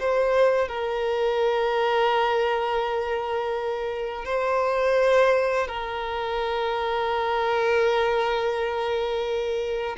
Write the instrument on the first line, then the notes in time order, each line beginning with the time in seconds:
violin
0.00 C5
0.69 A#4
4.25 C5
5.68 A#4